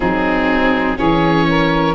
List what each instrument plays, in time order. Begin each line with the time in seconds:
0.00 tuba F#3, viola C4, saxophone D#4, oboe G#4
0.97 tuba E3, viola C#4, saxophone G#4, oboe C#5
1.49 saxophone A#4